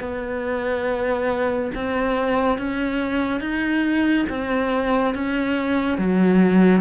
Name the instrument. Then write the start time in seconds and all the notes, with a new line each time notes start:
cello
0.00 B3
1.75 C4
2.58 C#4
3.41 D#4
4.30 C4
5.15 C#4
5.98 F#3